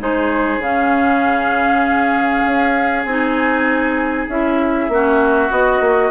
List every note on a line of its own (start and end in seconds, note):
0.00 0.58 G#3
0.00 0.61 D#4
0.00 4.92 G#4
0.00 0.62 C5
0.58 2.42 C#3
0.58 3.07 C#4
0.58 3.05 F5
2.46 3.05 C#4
3.05 4.28 C4
3.05 4.30 D#4
3.05 4.27 G#5
4.29 4.89 C#4
4.29 4.91 E4
4.29 5.52 E5
4.89 5.50 A#3
4.89 5.51 C#4
4.89 6.11 F#4
5.51 5.80 B3
5.51 6.11 F#4
5.51 6.11 D#5
5.80 6.11 A#3